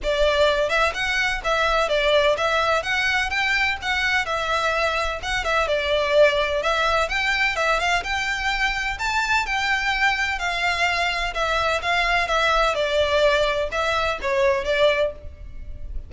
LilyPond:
\new Staff \with { instrumentName = "violin" } { \time 4/4 \tempo 4 = 127 d''4. e''8 fis''4 e''4 | d''4 e''4 fis''4 g''4 | fis''4 e''2 fis''8 e''8 | d''2 e''4 g''4 |
e''8 f''8 g''2 a''4 | g''2 f''2 | e''4 f''4 e''4 d''4~ | d''4 e''4 cis''4 d''4 | }